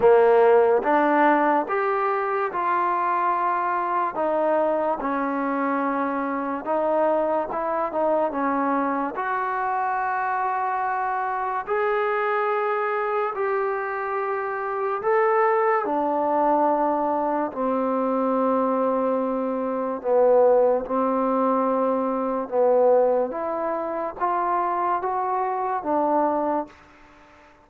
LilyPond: \new Staff \with { instrumentName = "trombone" } { \time 4/4 \tempo 4 = 72 ais4 d'4 g'4 f'4~ | f'4 dis'4 cis'2 | dis'4 e'8 dis'8 cis'4 fis'4~ | fis'2 gis'2 |
g'2 a'4 d'4~ | d'4 c'2. | b4 c'2 b4 | e'4 f'4 fis'4 d'4 | }